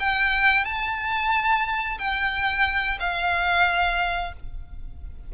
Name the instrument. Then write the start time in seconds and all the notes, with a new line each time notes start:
violin
0.00 G5
0.65 A5
1.99 G5
3.00 F5